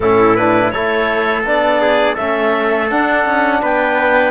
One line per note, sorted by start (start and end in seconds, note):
0.00 0.72 A2
0.00 0.37 C#4
0.00 0.73 E4
0.00 0.36 A4
0.36 0.72 D4
0.36 0.70 B4
0.70 1.43 A3
0.70 1.45 E4
0.70 1.81 A4
0.70 1.42 C#5
1.43 2.15 B3
1.43 2.17 D4
1.43 2.15 D5
1.81 2.14 G#4
2.14 2.91 A3
2.14 2.89 C#4
2.14 3.58 A4
2.14 2.87 E5
2.89 4.31 D4
2.89 3.25 D4
2.89 3.62 F#5
3.25 3.61 C#4
3.61 4.31 B3
3.61 4.31 B4
3.61 4.31 G5